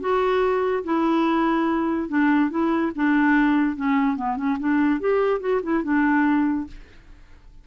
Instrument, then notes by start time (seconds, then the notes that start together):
clarinet
0.00 F#4
0.84 E4
2.08 D4
2.50 E4
2.95 D4
3.76 C#4
4.16 B3
4.37 C#4
4.59 D4
5.00 G4
5.40 F#4
5.62 E4
5.84 D4